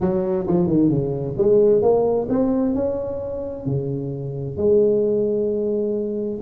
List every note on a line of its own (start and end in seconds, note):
0.00 0.46 F#3
0.47 0.67 F3
0.67 0.89 D#3
0.89 1.35 C#3
1.37 1.82 G#3
1.82 2.27 A#3
2.29 2.74 C4
2.75 3.66 C#4
3.66 4.57 C#3
4.57 6.40 G#3